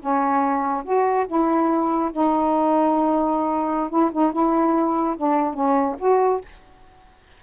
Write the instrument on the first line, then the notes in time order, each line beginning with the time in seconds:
saxophone
0.00 C#4
0.84 F#4
1.27 E4
2.12 D#4
3.90 E4
4.12 D#4
4.32 E4
5.17 D4
5.54 C#4
5.99 F#4